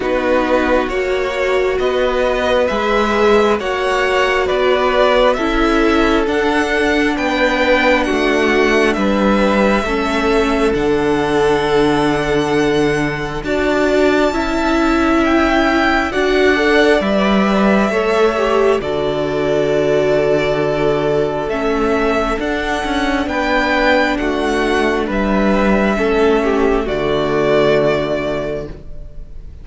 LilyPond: <<
  \new Staff \with { instrumentName = "violin" } { \time 4/4 \tempo 4 = 67 b'4 cis''4 dis''4 e''4 | fis''4 d''4 e''4 fis''4 | g''4 fis''4 e''2 | fis''2. a''4~ |
a''4 g''4 fis''4 e''4~ | e''4 d''2. | e''4 fis''4 g''4 fis''4 | e''2 d''2 | }
  \new Staff \with { instrumentName = "violin" } { \time 4/4 fis'2 b'2 | cis''4 b'4 a'2 | b'4 fis'4 b'4 a'4~ | a'2. d''4 |
e''2 d''2 | cis''4 a'2.~ | a'2 b'4 fis'4 | b'4 a'8 g'8 fis'2 | }
  \new Staff \with { instrumentName = "viola" } { \time 4/4 dis'4 fis'2 gis'4 | fis'2 e'4 d'4~ | d'2. cis'4 | d'2. fis'4 |
e'2 fis'8 a'8 b'4 | a'8 g'8 fis'2. | cis'4 d'2.~ | d'4 cis'4 a2 | }
  \new Staff \with { instrumentName = "cello" } { \time 4/4 b4 ais4 b4 gis4 | ais4 b4 cis'4 d'4 | b4 a4 g4 a4 | d2. d'4 |
cis'2 d'4 g4 | a4 d2. | a4 d'8 cis'8 b4 a4 | g4 a4 d2 | }
>>